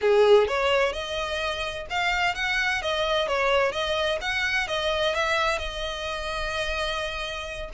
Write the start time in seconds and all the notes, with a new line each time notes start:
0.01 G#4
0.47 C#5
0.92 D#5
1.90 F5
2.35 F#5
2.81 D#5
3.27 C#5
3.72 D#5
4.21 F#5
4.67 D#5
5.14 E5
5.58 D#5